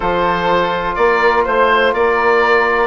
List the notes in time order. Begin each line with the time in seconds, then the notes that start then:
0.00 F3 F4 A4 C5
0.95 A#3 A#4 D5
1.44 A3 C5
1.93 A#3 A#4 D5